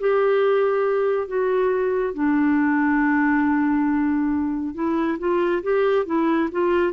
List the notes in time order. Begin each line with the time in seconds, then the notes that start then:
0.00 G4
1.28 F#4
2.14 D4
4.75 E4
5.19 F4
5.63 G4
6.06 E4
6.52 F4